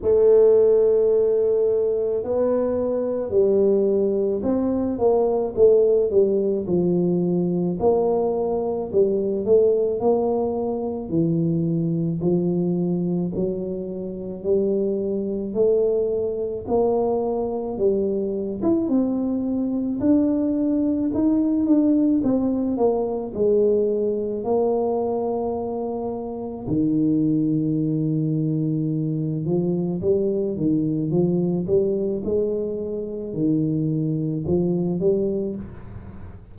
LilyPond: \new Staff \with { instrumentName = "tuba" } { \time 4/4 \tempo 4 = 54 a2 b4 g4 | c'8 ais8 a8 g8 f4 ais4 | g8 a8 ais4 e4 f4 | fis4 g4 a4 ais4 |
g8. e'16 c'4 d'4 dis'8 d'8 | c'8 ais8 gis4 ais2 | dis2~ dis8 f8 g8 dis8 | f8 g8 gis4 dis4 f8 g8 | }